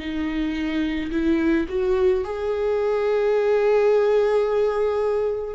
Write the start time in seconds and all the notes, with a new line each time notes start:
0.00 D#4
1.12 E4
1.69 F#4
2.25 G#4